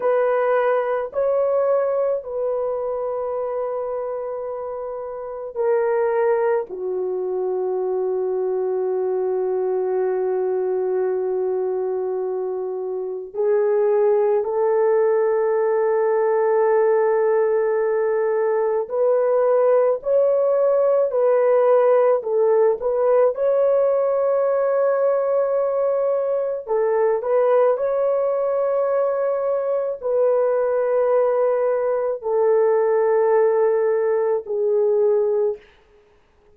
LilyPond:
\new Staff \with { instrumentName = "horn" } { \time 4/4 \tempo 4 = 54 b'4 cis''4 b'2~ | b'4 ais'4 fis'2~ | fis'1 | gis'4 a'2.~ |
a'4 b'4 cis''4 b'4 | a'8 b'8 cis''2. | a'8 b'8 cis''2 b'4~ | b'4 a'2 gis'4 | }